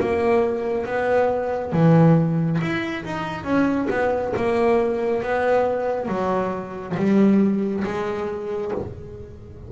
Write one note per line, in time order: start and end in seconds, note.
0.00 0.86 A#3
0.86 1.72 B3
1.72 2.59 E3
2.61 3.05 E4
3.05 3.44 D#4
3.44 3.88 C#4
3.90 4.34 B3
4.37 5.23 A#3
5.23 6.08 B3
6.08 6.95 F#3
6.97 7.84 G3
7.85 8.72 G#3